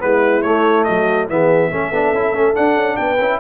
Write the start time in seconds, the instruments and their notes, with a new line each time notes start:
0.00 tuba G#3, trombone B3, horn E4, trumpet B4
0.42 tuba A3, trombone A3, trumpet C#5
0.84 tuba F#3, horn F#4, trumpet D#5
1.29 tuba E3, trombone B3, horn G#4, trumpet E5
1.71 tuba A3, trombone C#4, horn A4
1.92 tuba B3, trombone D4
2.13 tuba C#4, trombone E4
2.33 tuba A3, trombone C#4
2.54 trombone D4, tuba D4, trumpet F#5
2.76 tuba C#4
2.97 tuba B3, horn B4, trumpet G5
3.19 tuba C#4, trombone E4